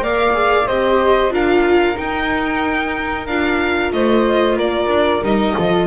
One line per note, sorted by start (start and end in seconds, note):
0.00 0.67 A#3
0.00 0.33 A#4
0.00 0.68 D5
0.00 0.68 F5
0.34 0.66 G#4
0.67 1.31 C4
0.67 1.30 G4
0.67 1.33 C5
0.67 1.33 D#5
1.30 1.96 D4
1.30 1.95 F4
1.30 3.94 A#4
1.30 1.98 F5
1.95 3.25 D#4
1.95 3.27 D#4
1.95 3.27 G5
3.27 3.93 D4
3.27 5.23 F4
3.27 3.92 F5
3.93 4.57 A3
3.93 4.57 C5
3.93 4.58 D#5
4.57 4.88 A#3
4.57 5.54 A#4
4.57 5.24 D5
4.88 5.20 D4
5.22 5.55 G3
5.22 5.56 D#4
5.22 5.87 D#5
5.54 5.87 F3
5.54 5.87 F4
5.54 5.87 A4